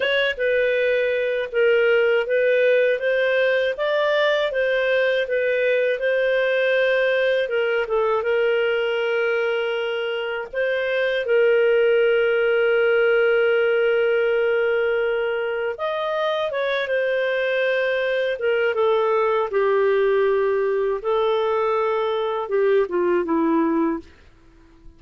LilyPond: \new Staff \with { instrumentName = "clarinet" } { \time 4/4 \tempo 4 = 80 cis''8 b'4. ais'4 b'4 | c''4 d''4 c''4 b'4 | c''2 ais'8 a'8 ais'4~ | ais'2 c''4 ais'4~ |
ais'1~ | ais'4 dis''4 cis''8 c''4.~ | c''8 ais'8 a'4 g'2 | a'2 g'8 f'8 e'4 | }